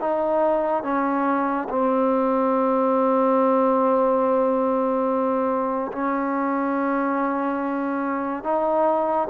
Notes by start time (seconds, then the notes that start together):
0.00 D#4
0.83 C#4
1.69 C4
5.92 C#4
8.44 D#4